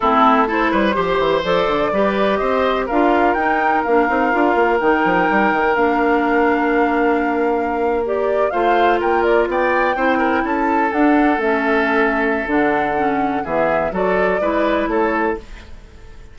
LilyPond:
<<
  \new Staff \with { instrumentName = "flute" } { \time 4/4 \tempo 4 = 125 a'4 c''2 d''4~ | d''4 dis''4 f''4 g''4 | f''2 g''2 | f''1~ |
f''8. d''4 f''4 g''8 d''8 g''16~ | g''4.~ g''16 a''4 fis''4 e''16~ | e''2 fis''2 | e''4 d''2 cis''4 | }
  \new Staff \with { instrumentName = "oboe" } { \time 4/4 e'4 a'8 b'8 c''2 | b'4 c''4 ais'2~ | ais'1~ | ais'1~ |
ais'4.~ ais'16 c''4 ais'4 d''16~ | d''8. c''8 ais'8 a'2~ a'16~ | a'1 | gis'4 a'4 b'4 a'4 | }
  \new Staff \with { instrumentName = "clarinet" } { \time 4/4 c'4 e'4 g'4 a'4 | g'2 f'4 dis'4 | d'8 dis'8 f'4 dis'2 | d'1~ |
d'8. g'4 f'2~ f'16~ | f'8. e'2 d'4 cis'16~ | cis'2 d'4 cis'4 | b4 fis'4 e'2 | }
  \new Staff \with { instrumentName = "bassoon" } { \time 4/4 a4. g8 f8 e8 f8 d8 | g4 c'4 d'4 dis'4 | ais8 c'8 d'8 ais8 dis8 f8 g8 dis8 | ais1~ |
ais4.~ ais16 a4 ais4 b16~ | b8. c'4 cis'4 d'4 a16~ | a2 d2 | e4 fis4 gis4 a4 | }
>>